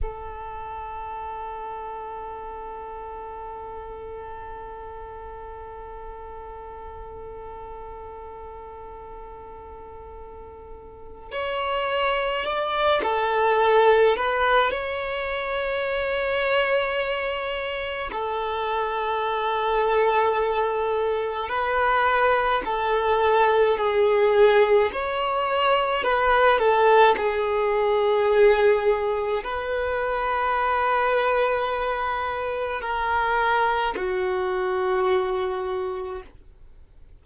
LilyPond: \new Staff \with { instrumentName = "violin" } { \time 4/4 \tempo 4 = 53 a'1~ | a'1~ | a'2 cis''4 d''8 a'8~ | a'8 b'8 cis''2. |
a'2. b'4 | a'4 gis'4 cis''4 b'8 a'8 | gis'2 b'2~ | b'4 ais'4 fis'2 | }